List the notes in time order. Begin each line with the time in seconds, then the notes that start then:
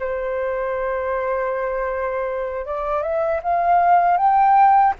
0.00 C5
2.66 D5
3.03 E5
3.43 F5
4.18 G5